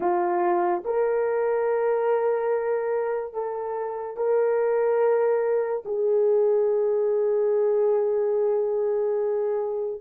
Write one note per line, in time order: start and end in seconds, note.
0.00 0.83 F4
0.84 3.33 A#4
3.33 4.16 A4
4.16 5.83 A#4
5.85 10.01 G#4